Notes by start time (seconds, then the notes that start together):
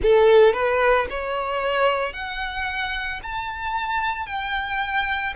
0.02 A4
0.53 B4
1.10 C#5
2.13 F#5
3.22 A5
4.26 G5